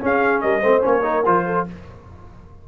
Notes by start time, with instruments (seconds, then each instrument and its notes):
0.00 trombone C#4, tuba C#4, horn G#4, trumpet F5
0.41 tuba G3, horn A#4, trumpet D#5
0.60 tuba A3, trombone C4, horn C5
0.81 tuba A#3, trombone C#4, trumpet C#5
1.03 trombone D#4, horn A#4
1.26 tuba F3, trombone F4, trumpet C5
1.46 horn A4